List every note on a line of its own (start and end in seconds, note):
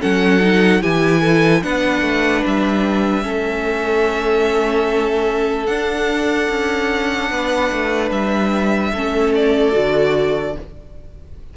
0.00 0.82 F#3
0.00 0.40 C#4
0.00 0.82 A4
0.00 0.82 F#5
0.40 0.80 D#4
0.81 1.64 E3
0.81 1.62 E4
0.81 1.21 G4
0.81 1.62 G#5
1.21 1.61 A4
1.62 2.02 B3
1.62 3.22 D4
1.62 3.24 B4
1.62 2.44 F#5
2.02 2.42 A3
2.46 3.24 G3
2.46 5.66 E5
3.22 5.67 A3
3.22 5.65 C#4
3.22 7.30 A4
5.66 6.48 D4
5.66 8.93 D4
5.66 8.09 F#5
6.49 7.30 C#4
7.30 7.71 B3
7.30 8.92 B4
7.71 8.10 A3
8.10 8.92 G3
8.10 9.33 E5
8.92 9.74 A3
8.92 9.72 C#4
8.92 10.54 A4
9.34 10.56 D5
9.72 10.55 D3
9.72 10.53 F#4